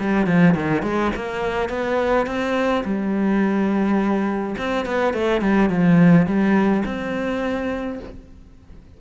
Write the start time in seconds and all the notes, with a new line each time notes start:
0.00 G3
0.26 F3
0.55 D#3
0.83 G#3
1.16 A#3
1.69 B3
2.26 C4
2.84 G3
4.58 C4
4.86 B3
5.14 A3
5.41 G3
5.69 F3
6.26 G3
6.85 C4